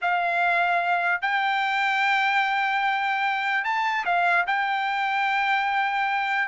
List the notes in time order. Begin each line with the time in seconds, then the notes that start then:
0.01 F5
1.21 G5
3.64 A5
4.05 F5
4.46 G5